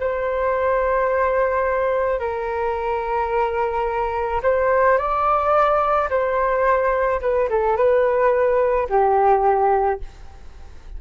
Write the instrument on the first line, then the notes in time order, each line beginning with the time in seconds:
flute
0.00 C5
2.20 A#4
4.43 C5
4.98 D5
6.10 C5
7.22 B4
7.50 A4
7.77 B4
8.90 G4